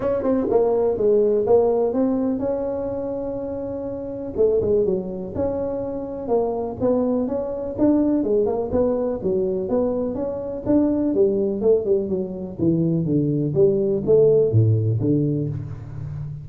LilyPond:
\new Staff \with { instrumentName = "tuba" } { \time 4/4 \tempo 4 = 124 cis'8 c'8 ais4 gis4 ais4 | c'4 cis'2.~ | cis'4 a8 gis8 fis4 cis'4~ | cis'4 ais4 b4 cis'4 |
d'4 gis8 ais8 b4 fis4 | b4 cis'4 d'4 g4 | a8 g8 fis4 e4 d4 | g4 a4 a,4 d4 | }